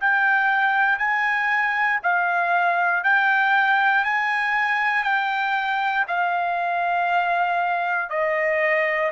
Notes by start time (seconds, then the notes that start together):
0.00 G5
0.98 G#5
2.02 F5
3.04 G5
4.04 G#5
5.03 G5
6.08 F5
8.09 D#5